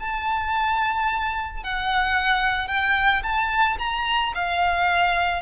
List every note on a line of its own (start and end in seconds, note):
0.00 1.64 A5
1.64 2.69 F#5
2.69 3.23 G5
3.23 3.78 A5
3.79 4.33 A#5
4.35 5.42 F5